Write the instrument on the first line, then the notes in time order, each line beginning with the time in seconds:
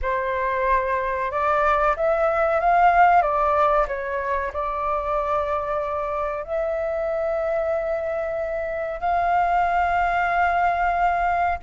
flute
0.02 C5
1.31 D5
1.96 E5
2.60 F5
3.22 D5
3.87 C#5
4.52 D5
6.43 E5
9.00 F5